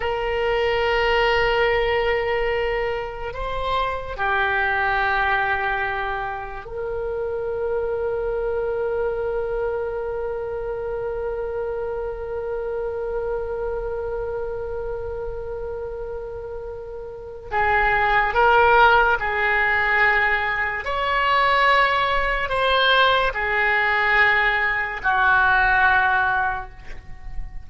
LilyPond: \new Staff \with { instrumentName = "oboe" } { \time 4/4 \tempo 4 = 72 ais'1 | c''4 g'2. | ais'1~ | ais'1~ |
ais'1~ | ais'4 gis'4 ais'4 gis'4~ | gis'4 cis''2 c''4 | gis'2 fis'2 | }